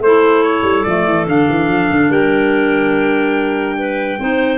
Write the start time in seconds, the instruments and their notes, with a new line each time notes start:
0.00 tuba A3, clarinet E4 A4, trumpet C5
0.43 trumpet C#5
0.63 tuba G3
0.84 tuba F3, clarinet A3, trumpet D5
1.06 tuba E3
1.27 tuba D3, clarinet D4, trumpet F5
1.50 tuba E3
1.68 tuba F3
1.91 tuba D3
2.10 tuba G3, clarinet A#4, trumpet G5
3.79 clarinet B4
4.20 tuba C4, clarinet D#4 C5